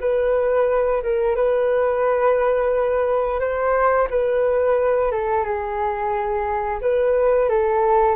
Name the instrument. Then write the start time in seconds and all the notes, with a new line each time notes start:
flute
0.00 B4
1.03 A#4
1.35 B4
3.40 C5
4.10 B4
5.12 A4
5.44 G#4
6.81 B4
7.49 A4